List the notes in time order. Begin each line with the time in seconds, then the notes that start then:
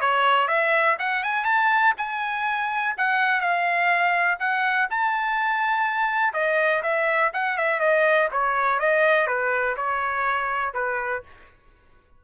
0.00 C#5
0.47 E5
0.99 F#5
1.23 G#5
1.44 A5
1.97 G#5
2.97 F#5
3.40 F5
4.39 F#5
4.90 A5
6.33 D#5
6.82 E5
7.33 F#5
7.57 E5
7.79 D#5
8.31 C#5
8.79 D#5
9.27 B4
9.76 C#5
10.73 B4